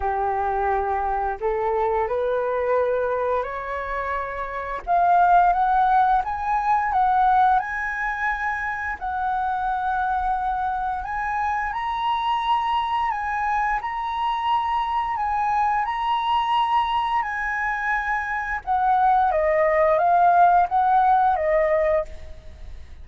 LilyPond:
\new Staff \with { instrumentName = "flute" } { \time 4/4 \tempo 4 = 87 g'2 a'4 b'4~ | b'4 cis''2 f''4 | fis''4 gis''4 fis''4 gis''4~ | gis''4 fis''2. |
gis''4 ais''2 gis''4 | ais''2 gis''4 ais''4~ | ais''4 gis''2 fis''4 | dis''4 f''4 fis''4 dis''4 | }